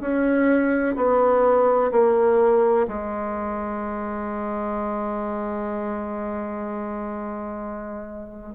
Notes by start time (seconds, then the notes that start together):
0.00 C#4
0.96 B3
1.91 A#3
2.87 G#3